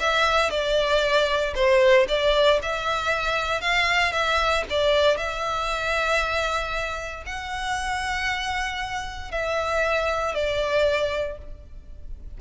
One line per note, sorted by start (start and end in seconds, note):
0.00 0.51 E5
0.51 1.54 D5
1.55 2.07 C5
2.09 2.60 D5
2.62 3.61 E5
3.61 4.12 F5
4.12 4.64 E5
4.70 5.17 D5
5.17 7.24 E5
7.26 9.32 F#5
9.32 10.35 E5
10.35 11.38 D5